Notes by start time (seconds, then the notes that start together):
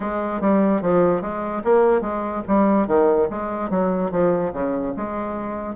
0.00 G#3
0.40 G3
0.81 F3
1.21 G#3
1.64 A#3
2.01 G#3
2.47 G3
2.87 D#3
3.30 G#3
3.69 F#3
4.11 F3
4.52 C#3
4.96 G#3